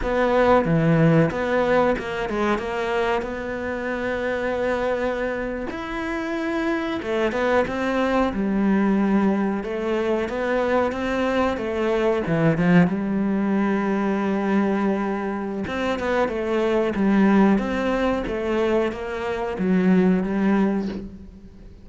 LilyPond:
\new Staff \with { instrumentName = "cello" } { \time 4/4 \tempo 4 = 92 b4 e4 b4 ais8 gis8 | ais4 b2.~ | b8. e'2 a8 b8 c'16~ | c'8. g2 a4 b16~ |
b8. c'4 a4 e8 f8 g16~ | g1 | c'8 b8 a4 g4 c'4 | a4 ais4 fis4 g4 | }